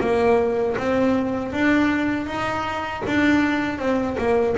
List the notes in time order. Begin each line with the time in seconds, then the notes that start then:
0.00 A#3
0.77 C4
1.52 D4
2.26 D#4
3.07 D4
3.78 C4
4.18 A#3